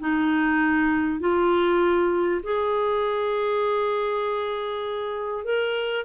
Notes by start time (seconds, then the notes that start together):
0.00 D#4
1.20 F4
2.44 G#4
5.45 A#4